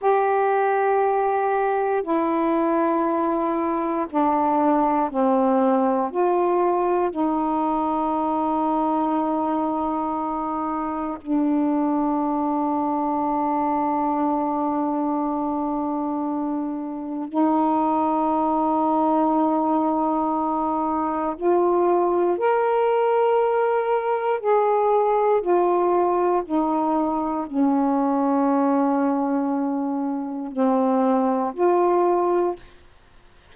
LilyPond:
\new Staff \with { instrumentName = "saxophone" } { \time 4/4 \tempo 4 = 59 g'2 e'2 | d'4 c'4 f'4 dis'4~ | dis'2. d'4~ | d'1~ |
d'4 dis'2.~ | dis'4 f'4 ais'2 | gis'4 f'4 dis'4 cis'4~ | cis'2 c'4 f'4 | }